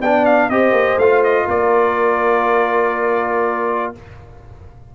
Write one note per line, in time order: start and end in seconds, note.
0.00 0.49 B3
0.00 0.51 D4
0.00 0.48 D5
0.00 0.25 G5
0.25 0.49 F5
0.48 0.71 C4
0.48 1.00 G4
0.48 1.45 C5
0.48 0.98 D#5
0.71 0.96 A#3
0.97 1.45 A3
0.97 3.94 F4
0.97 1.23 F5
1.23 1.48 D#5
1.45 3.91 A#3
1.45 3.89 A#4
1.45 3.93 D5